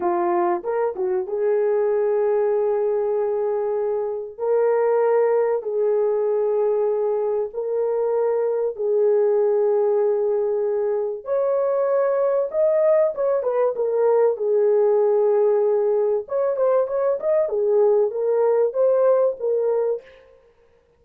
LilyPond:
\new Staff \with { instrumentName = "horn" } { \time 4/4 \tempo 4 = 96 f'4 ais'8 fis'8 gis'2~ | gis'2. ais'4~ | ais'4 gis'2. | ais'2 gis'2~ |
gis'2 cis''2 | dis''4 cis''8 b'8 ais'4 gis'4~ | gis'2 cis''8 c''8 cis''8 dis''8 | gis'4 ais'4 c''4 ais'4 | }